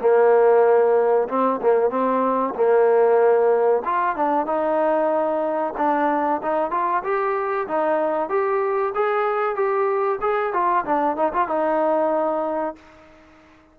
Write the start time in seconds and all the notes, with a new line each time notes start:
0.00 A#3
1.28 C4
1.61 A#3
1.90 C4
2.54 A#3
3.85 F4
4.16 D4
4.46 D#4
5.77 D4
6.42 D#4
6.71 F4
7.03 G4
7.67 D#4
8.29 G4
8.94 G#4
9.55 G4
10.21 G#4
10.53 F4
10.85 D4
11.16 D#4
11.33 F4
11.48 D#4